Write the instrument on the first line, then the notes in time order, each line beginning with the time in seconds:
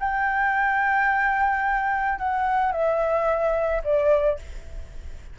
flute
0.00 G5
2.19 F#5
2.72 E5
3.84 D5